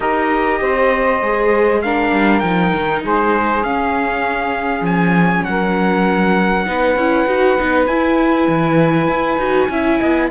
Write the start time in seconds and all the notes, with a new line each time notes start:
0.00 D#4 G4 A#4 D#5
0.61 C4 C5
1.21 G#3 G#4
1.82 D4 A#4 F5
2.11 G3
2.39 F3 D#4 G5
2.74 D#3
3.02 G#3 G#4 C5
3.63 C#4 F5
4.80 F3 G#5
5.44 F#3 A#4 F#5
6.65 B3 D#4 B4
6.95 C#4 E4
7.26 D#4 F#4
7.58 B3 D#4
7.86 E4 G#5
8.47 E3
9.07 E4
9.37 D#4 F#4
9.68 C#4 E4 E5
9.99 B3 D#5